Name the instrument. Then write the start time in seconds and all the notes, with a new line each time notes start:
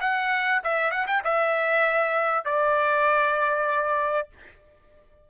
trumpet
0.00 F#5
0.63 E5
0.91 F#5
1.07 G5
1.24 E5
2.45 D5